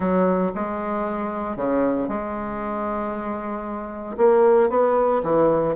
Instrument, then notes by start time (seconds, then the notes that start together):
bassoon
0.00 F#3
0.55 G#3
1.56 C#3
2.08 G#3
4.17 A#3
4.69 B3
5.23 E3